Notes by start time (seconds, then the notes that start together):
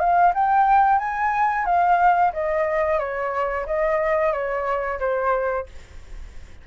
0.00 F5
0.35 G5
0.99 G#5
1.66 F5
2.33 D#5
2.99 C#5
3.66 D#5
4.33 C#5
5.00 C5